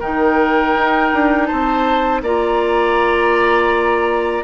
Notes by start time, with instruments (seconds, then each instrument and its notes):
0.00 bassoon D#3, clarinet D#4, oboe A#4, flute G5
0.75 bassoon D#4
1.13 bassoon D4
1.46 oboe C5, flute A5
1.52 bassoon C4
2.22 bassoon A#3, clarinet F4, oboe D5, flute A#5